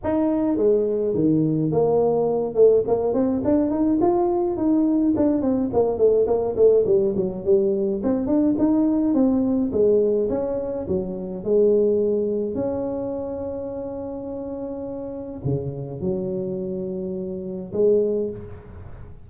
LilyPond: \new Staff \with { instrumentName = "tuba" } { \time 4/4 \tempo 4 = 105 dis'4 gis4 dis4 ais4~ | ais8 a8 ais8 c'8 d'8 dis'8 f'4 | dis'4 d'8 c'8 ais8 a8 ais8 a8 | g8 fis8 g4 c'8 d'8 dis'4 |
c'4 gis4 cis'4 fis4 | gis2 cis'2~ | cis'2. cis4 | fis2. gis4 | }